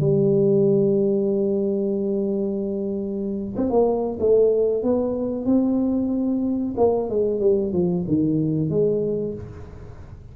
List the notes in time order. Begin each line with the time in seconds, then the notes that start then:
0.00 G3
3.57 C4
3.70 A#3
4.20 A3
4.83 B3
5.45 C4
6.77 A#3
7.09 G#3
7.40 G3
7.72 F3
8.07 D#3
8.70 G#3